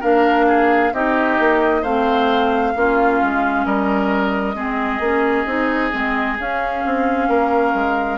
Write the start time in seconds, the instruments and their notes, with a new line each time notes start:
0.00 bassoon A#3, clarinet D4, oboe A#4, flute F5
0.48 oboe G#4
0.92 bassoon C4, clarinet D#4, oboe G4, flute D#5
1.39 bassoon A#3
1.82 bassoon A3, clarinet C4, oboe C5, flute F5
2.75 bassoon A#3, clarinet C#4, oboe F4
3.23 bassoon G#3
3.65 bassoon G3, oboe A#4, flute D#5
4.55 bassoon G#3, clarinet C4, oboe G#4
4.99 bassoon A#3, clarinet C#4
5.46 bassoon C4, clarinet D#4
5.92 bassoon G#3, clarinet C4
6.39 bassoon C#4, clarinet C#4, flute F5
6.85 bassoon C4
7.28 bassoon A#3, oboe A#4
7.74 bassoon G#3